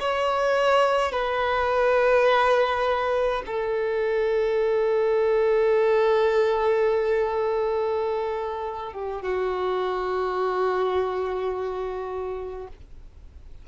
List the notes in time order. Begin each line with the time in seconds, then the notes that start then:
0.00 C#5
1.12 B4
3.47 A4
8.93 G4
9.22 F#4